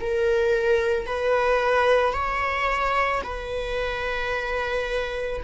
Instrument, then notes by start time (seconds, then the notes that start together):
viola
0.00 A#4
1.06 B4
2.13 C#5
3.23 B4